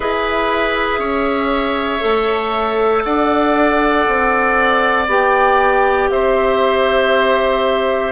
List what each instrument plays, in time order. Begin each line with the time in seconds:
0.00 bassoon E4, clarinet G#4, oboe B4, flute E5
0.98 bassoon C#4, oboe C#5
2.00 bassoon A3, clarinet A4
3.03 bassoon D4, oboe D5, flute F#5
4.07 bassoon C4
5.07 bassoon B3, clarinet G4, flute G5
6.10 bassoon C4, oboe C5, flute E5